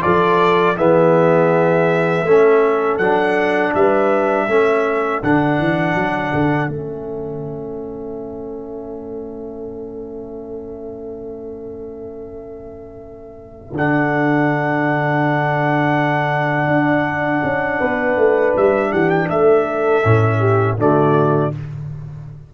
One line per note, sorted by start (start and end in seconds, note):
0.00 0.77 F3
0.00 0.74 F4
0.00 0.77 A4
0.00 0.76 D5
0.77 2.24 E3
0.77 2.26 B3
0.77 2.25 G#4
0.77 2.98 E5
2.24 2.98 A3
2.24 3.00 C#4
2.24 3.74 A4
2.98 3.73 F#3
2.98 4.48 D4
2.98 3.72 F#5
3.74 4.47 G3
3.74 4.47 B4
3.74 5.22 E5
4.47 5.21 A3
4.47 5.22 C#4
4.47 17.78 A4
5.23 5.58 D3
5.23 6.70 D4
5.23 6.70 F#5
5.58 5.94 E3
5.94 6.31 F#3
6.33 6.68 D3
6.68 13.71 A3
6.68 13.73 C#4
6.68 13.73 E5
13.72 16.67 D3
13.72 20.03 D4
13.72 18.57 F#5
16.67 17.41 D4
17.43 17.80 C#4
17.78 18.16 B3
17.78 18.89 B4
18.16 18.53 A3
18.57 18.93 G3
18.57 18.92 E5
18.91 19.29 E3
18.91 19.28 G4
18.91 19.09 F#5
19.09 19.28 G5
19.29 20.03 A3
19.29 20.39 A4
19.29 20.77 E5
20.03 20.77 A2
20.03 20.77 C#4
20.39 20.76 G4
20.77 21.52 D3
20.77 21.52 A3
20.77 21.54 F#4
20.77 21.54 D5